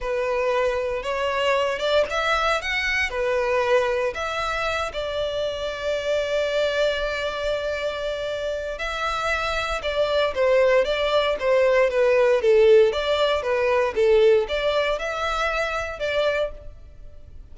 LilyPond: \new Staff \with { instrumentName = "violin" } { \time 4/4 \tempo 4 = 116 b'2 cis''4. d''8 | e''4 fis''4 b'2 | e''4. d''2~ d''8~ | d''1~ |
d''4 e''2 d''4 | c''4 d''4 c''4 b'4 | a'4 d''4 b'4 a'4 | d''4 e''2 d''4 | }